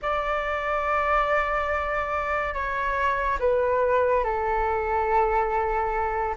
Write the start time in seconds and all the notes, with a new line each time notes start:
0.02 D5
2.54 C#5
3.39 B4
4.24 A4